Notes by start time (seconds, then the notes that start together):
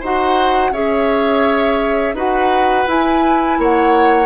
0.00 D#4 F#4 C5 F#5
0.71 C#4 G#4 C#5 E5
2.14 D#4 F#4 B4 F#5
2.87 E4 G#5
3.58 A#3 C#5 F#5